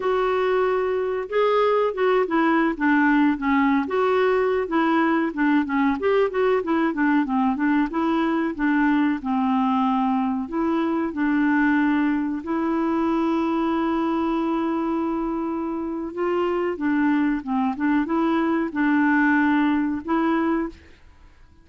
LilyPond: \new Staff \with { instrumentName = "clarinet" } { \time 4/4 \tempo 4 = 93 fis'2 gis'4 fis'8 e'8~ | e'16 d'4 cis'8. fis'4~ fis'16 e'8.~ | e'16 d'8 cis'8 g'8 fis'8 e'8 d'8 c'8 d'16~ | d'16 e'4 d'4 c'4.~ c'16~ |
c'16 e'4 d'2 e'8.~ | e'1~ | e'4 f'4 d'4 c'8 d'8 | e'4 d'2 e'4 | }